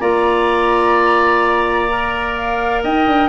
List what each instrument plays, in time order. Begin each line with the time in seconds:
0.00 tuba A#3, clarinet F4, oboe D5, flute A#5
1.90 clarinet A#4
2.36 flute F5
2.83 tuba D#4, oboe D#5, flute G5
3.07 tuba D4